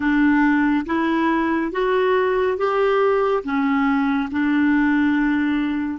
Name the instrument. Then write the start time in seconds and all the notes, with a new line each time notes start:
clarinet
0.00 D4
0.86 E4
1.72 F#4
2.57 G4
3.43 C#4
4.31 D4